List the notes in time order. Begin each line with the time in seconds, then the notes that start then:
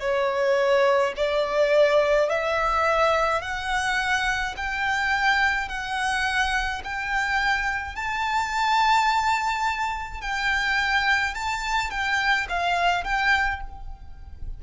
0.00 C#5
1.16 D5
2.30 E5
3.42 F#5
4.57 G5
5.69 F#5
6.84 G5
7.96 A5
10.21 G5
11.35 A5
11.90 G5
12.49 F5
13.04 G5